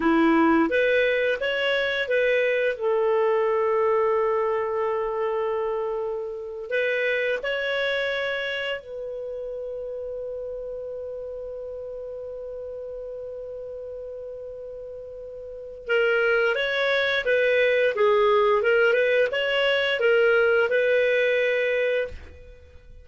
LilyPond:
\new Staff \with { instrumentName = "clarinet" } { \time 4/4 \tempo 4 = 87 e'4 b'4 cis''4 b'4 | a'1~ | a'4.~ a'16 b'4 cis''4~ cis''16~ | cis''8. b'2.~ b'16~ |
b'1~ | b'2. ais'4 | cis''4 b'4 gis'4 ais'8 b'8 | cis''4 ais'4 b'2 | }